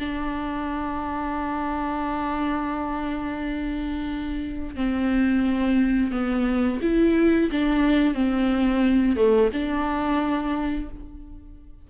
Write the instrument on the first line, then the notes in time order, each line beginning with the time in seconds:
viola
0.00 D4
4.76 C4
6.12 B3
6.82 E4
7.52 D4
8.15 C4
9.17 A3
9.53 D4